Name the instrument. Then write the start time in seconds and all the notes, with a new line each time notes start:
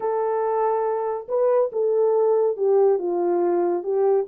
horn
0.00 A4
1.28 B4
1.72 A4
2.56 G4
2.98 F4
3.83 G4